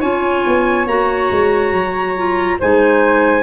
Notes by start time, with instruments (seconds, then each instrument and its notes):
0.00 tuba C#4, clarinet F4, flute C#5, trumpet G#5
0.46 tuba B3
0.86 tuba A#3, clarinet F#4, trumpet A#5
1.31 tuba G#3
1.72 tuba F#3
2.16 clarinet F4
2.59 tuba G#3, clarinet D#4, flute C5, trumpet G#5